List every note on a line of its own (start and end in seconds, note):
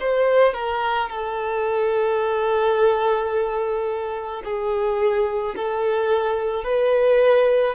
0.00 0.54 C5
0.54 1.09 A#4
1.09 4.42 A4
4.44 5.56 G#4
5.56 6.64 A4
6.64 7.75 B4